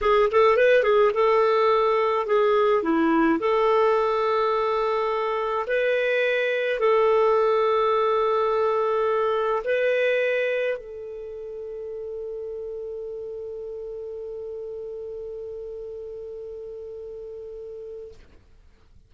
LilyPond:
\new Staff \with { instrumentName = "clarinet" } { \time 4/4 \tempo 4 = 106 gis'8 a'8 b'8 gis'8 a'2 | gis'4 e'4 a'2~ | a'2 b'2 | a'1~ |
a'4 b'2 a'4~ | a'1~ | a'1~ | a'1 | }